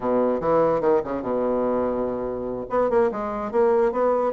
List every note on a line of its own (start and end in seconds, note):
0.00 0.40 B2
0.40 0.80 E3
0.80 1.01 D#3
1.04 1.21 C#3
1.21 2.65 B2
2.69 2.90 B3
2.90 3.10 A#3
3.11 3.51 G#3
3.51 3.92 A#3
3.92 4.32 B3